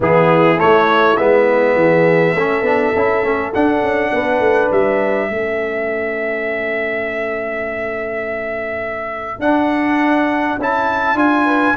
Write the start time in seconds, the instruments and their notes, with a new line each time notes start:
0.00 tuba E3, trombone B3, horn E4, trumpet G#4
0.57 trombone A3, tuba A3, trumpet C#5
1.16 tuba G#3, trombone B3, trumpet E5
1.75 tuba E3, horn G#4
2.34 tuba A3, trombone C#4, horn A4
2.62 tuba B3, trombone D4
2.95 tuba C#4, trombone E4
3.22 tuba A3, trombone C#4
3.54 trombone D4, tuba D4, trumpet F#5
3.82 tuba C#4
4.12 tuba B3, horn B4
4.39 tuba A3
4.71 tuba G3, trumpet E5
5.30 tuba A3, trombone C#4, horn A4
9.39 tuba D4, trombone D4, trumpet F#5
10.58 tuba C#4, trombone E4, trumpet A5
11.14 tuba D4, trombone F4, trumpet G#5
11.45 horn B4